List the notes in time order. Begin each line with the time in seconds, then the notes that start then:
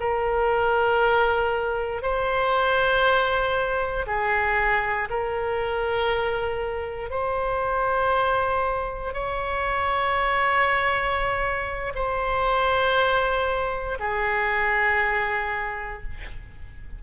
0.00 A#4
2.02 C5
4.07 G#4
5.10 A#4
7.10 C5
9.13 C#5
11.95 C5
14.00 G#4